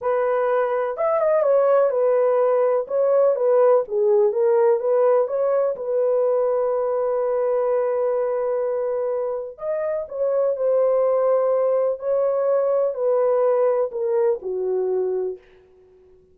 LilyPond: \new Staff \with { instrumentName = "horn" } { \time 4/4 \tempo 4 = 125 b'2 e''8 dis''8 cis''4 | b'2 cis''4 b'4 | gis'4 ais'4 b'4 cis''4 | b'1~ |
b'1 | dis''4 cis''4 c''2~ | c''4 cis''2 b'4~ | b'4 ais'4 fis'2 | }